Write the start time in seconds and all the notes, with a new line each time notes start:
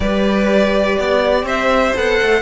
0.00 G3 G4 B4 D5
0.99 B3 D5
1.43 C4 C5 E5
1.95 B3 A4 F#5
2.21 A3